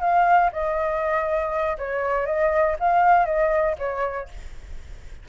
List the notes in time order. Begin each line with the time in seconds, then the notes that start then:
0.00 F5
0.52 D#5
1.77 C#5
2.26 D#5
2.79 F5
3.25 D#5
3.78 C#5